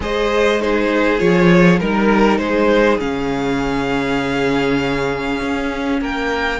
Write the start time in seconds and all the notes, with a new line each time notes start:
0.00 G#3 G#4 C5 D#5
0.59 D#4 G#4 C5
1.18 F3 F4 C#5
1.79 G3 D#4 A#4
2.38 G#3 G#4 C5
2.99 C#3 C#4 F5
5.41 C#4
6.00 A#3 A#4 G5